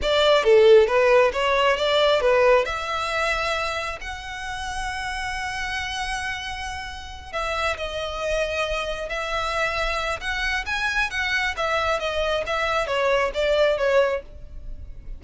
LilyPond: \new Staff \with { instrumentName = "violin" } { \time 4/4 \tempo 4 = 135 d''4 a'4 b'4 cis''4 | d''4 b'4 e''2~ | e''4 fis''2.~ | fis''1~ |
fis''8 e''4 dis''2~ dis''8~ | dis''8 e''2~ e''8 fis''4 | gis''4 fis''4 e''4 dis''4 | e''4 cis''4 d''4 cis''4 | }